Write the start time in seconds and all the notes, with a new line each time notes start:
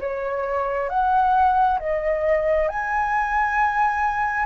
0.00 C#5
0.89 F#5
1.79 D#5
2.68 G#5